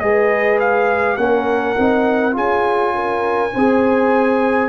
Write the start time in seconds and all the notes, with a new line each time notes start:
0.00 G#3 G#4 B4 D#5
0.60 F5
1.17 A#3 C#4 A#4 F#5
1.78 C4 D#4
2.33 C#4 F4 G#4 G#5
2.95 A#4
3.54 C4 G#4 C5